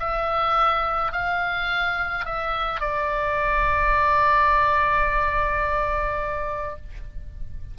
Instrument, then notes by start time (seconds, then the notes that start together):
oboe
0.00 E5
1.12 F5
2.25 E5
2.80 D5